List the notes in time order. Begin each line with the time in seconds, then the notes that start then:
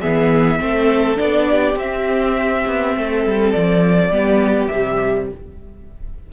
0.00 E3 B3 G#4 E5
0.59 A3 C4 A4
1.16 B3 D4 D5
1.50 G4
1.75 C4 E5
1.81 C4
2.66 B3
2.96 A3 A4
3.25 G3
3.52 F3 D5
4.10 G3 B3 G4
4.67 C3 G3 E5